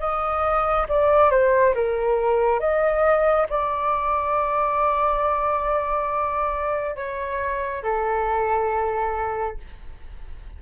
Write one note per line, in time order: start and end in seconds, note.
0.00 0.87 D#5
0.89 1.31 D5
1.31 1.75 C5
1.75 2.60 A#4
2.60 3.47 D#5
3.50 6.96 D5
6.96 7.83 C#5
7.84 9.58 A4